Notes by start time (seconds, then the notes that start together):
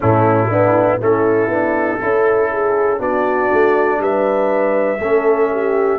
0.00 A2 A3 C#4 E4
0.50 B3 D4
1.00 A3 C#4 E4 A4
1.47 B3 D4
2.00 C#4 E4 A4
2.51 G#4
2.98 B3 D4 F#4 D5
3.52 A3
3.98 G3 B4 E5
4.99 A3 C#4 A4
5.51 G4